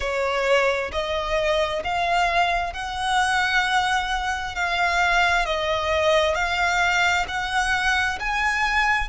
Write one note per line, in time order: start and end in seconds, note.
0.00 0.91 C#5
0.91 1.82 D#5
1.83 2.73 F5
2.73 4.55 F#5
4.55 5.45 F5
5.45 6.34 D#5
6.34 7.25 F5
7.28 8.19 F#5
8.19 9.08 G#5